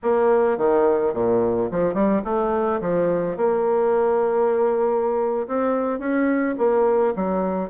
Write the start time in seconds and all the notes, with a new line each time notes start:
0.03 A#3
0.57 D#3
1.13 A#2
1.71 F3
1.93 G3
2.24 A3
2.80 F3
3.36 A#3
5.47 C4
5.99 C#4
6.58 A#3
7.15 F#3